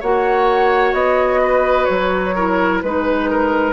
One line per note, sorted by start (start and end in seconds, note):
0.00 0.93 A#3
0.00 2.37 F#4
0.00 1.41 C#5
0.00 0.94 F#5
0.93 1.87 B3
0.93 1.85 D#5
1.43 2.35 B4
1.85 2.83 F#3
1.85 2.79 C#5
2.35 2.84 E4
2.35 2.82 A#4
2.81 3.73 G#3
2.81 3.73 D#4
2.81 3.73 B4
2.81 3.30 B4
3.30 3.73 A#4